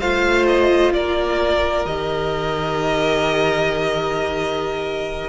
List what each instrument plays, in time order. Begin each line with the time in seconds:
0.00 cello A3, viola F4, violin C5 F5
0.47 violin D#5
0.93 cello A#3, violin A#4 D5
1.85 cello D#3, viola G4, violin D#5